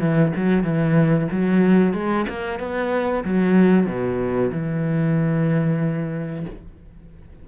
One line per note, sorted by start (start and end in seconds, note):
0.00 0.32 E3
0.35 0.63 F#3
0.63 1.28 E3
1.31 1.93 F#3
1.93 2.26 G#3
2.29 2.59 A#3
2.59 3.24 B3
3.24 3.87 F#3
3.87 4.51 B2
4.52 6.45 E3